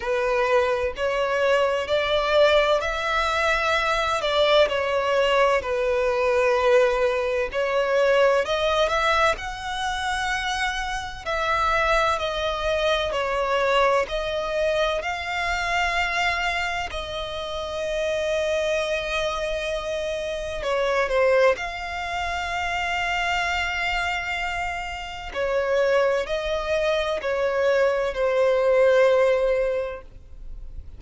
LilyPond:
\new Staff \with { instrumentName = "violin" } { \time 4/4 \tempo 4 = 64 b'4 cis''4 d''4 e''4~ | e''8 d''8 cis''4 b'2 | cis''4 dis''8 e''8 fis''2 | e''4 dis''4 cis''4 dis''4 |
f''2 dis''2~ | dis''2 cis''8 c''8 f''4~ | f''2. cis''4 | dis''4 cis''4 c''2 | }